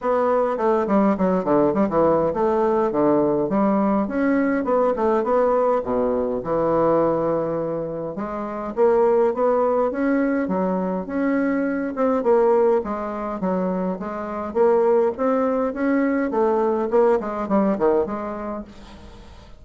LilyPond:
\new Staff \with { instrumentName = "bassoon" } { \time 4/4 \tempo 4 = 103 b4 a8 g8 fis8 d8 g16 e8. | a4 d4 g4 cis'4 | b8 a8 b4 b,4 e4~ | e2 gis4 ais4 |
b4 cis'4 fis4 cis'4~ | cis'8 c'8 ais4 gis4 fis4 | gis4 ais4 c'4 cis'4 | a4 ais8 gis8 g8 dis8 gis4 | }